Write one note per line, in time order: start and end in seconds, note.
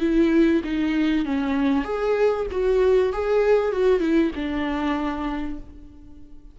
0.00 0.62 E4
0.64 1.25 D#4
1.25 1.85 C#4
1.85 2.47 G#4
2.51 3.13 F#4
3.13 3.72 G#4
3.72 4.00 F#4
4.00 4.31 E4
4.36 5.59 D4